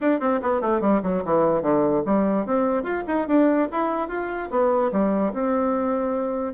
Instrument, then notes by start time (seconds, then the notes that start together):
bassoon
0.01 D4
0.20 C4
0.42 B3
0.61 A3
0.81 G3
1.02 F#3
1.24 E3
1.62 D3
2.05 G3
2.46 C4
2.83 F4
3.07 D#4
3.27 D4
3.71 E4
4.08 F4
4.50 B3
4.91 G3
5.33 C4